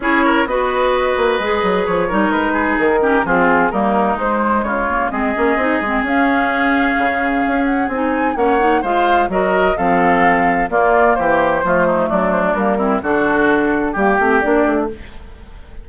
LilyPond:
<<
  \new Staff \with { instrumentName = "flute" } { \time 4/4 \tempo 4 = 129 cis''4 dis''2. | cis''4 b'4 ais'4 gis'4 | ais'4 c''4 cis''4 dis''4~ | dis''4 f''2.~ |
f''8 fis''8 gis''4 fis''4 f''4 | dis''4 f''2 d''4 | c''2 d''8 c''16 d''16 ais'4 | a'2 g'4 d''4 | }
  \new Staff \with { instrumentName = "oboe" } { \time 4/4 gis'8 ais'8 b'2.~ | b'8 ais'4 gis'4 g'8 f'4 | dis'2 f'4 gis'4~ | gis'1~ |
gis'2 cis''4 c''4 | ais'4 a'2 f'4 | g'4 f'8 dis'8 d'4. e'8 | fis'2 g'2 | }
  \new Staff \with { instrumentName = "clarinet" } { \time 4/4 e'4 fis'2 gis'4~ | gis'8 dis'2 cis'8 c'4 | ais4 gis4. ais8 c'8 cis'8 | dis'8 c'8 cis'2.~ |
cis'4 dis'4 cis'8 dis'8 f'4 | fis'4 c'2 ais4~ | ais4 a2 ais8 c'8 | d'2 ais8 c'8 d'4 | }
  \new Staff \with { instrumentName = "bassoon" } { \time 4/4 cis'4 b4. ais8 gis8 fis8 | f8 g8 gis4 dis4 f4 | g4 gis4 cis4 gis8 ais8 | c'8 gis8 cis'2 cis4 |
cis'4 c'4 ais4 gis4 | fis4 f2 ais4 | e4 f4 fis4 g4 | d2 g8 a8 ais8 a8 | }
>>